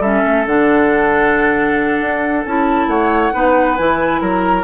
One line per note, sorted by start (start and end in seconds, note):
0.00 0.22 G3
0.00 0.47 C#4
0.00 2.87 A4
0.00 0.46 E5
0.26 0.46 A3
0.46 2.00 D3
0.46 2.46 D4
0.46 2.46 F#5
2.01 2.45 D4
2.46 2.87 C#4
2.46 3.33 E4
2.46 2.90 A5
2.87 3.31 A3
2.87 3.34 C#5
2.87 3.77 F#5
3.33 3.79 B3
3.33 3.77 D#4
3.33 4.21 B4
3.77 4.21 E3
3.77 4.64 E4
3.77 4.21 G#5
4.21 4.64 F#3
4.21 4.64 A#4
4.21 4.64 A#5